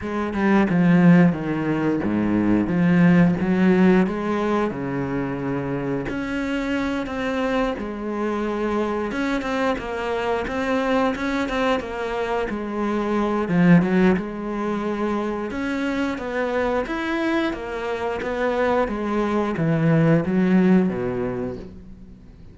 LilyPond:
\new Staff \with { instrumentName = "cello" } { \time 4/4 \tempo 4 = 89 gis8 g8 f4 dis4 gis,4 | f4 fis4 gis4 cis4~ | cis4 cis'4. c'4 gis8~ | gis4. cis'8 c'8 ais4 c'8~ |
c'8 cis'8 c'8 ais4 gis4. | f8 fis8 gis2 cis'4 | b4 e'4 ais4 b4 | gis4 e4 fis4 b,4 | }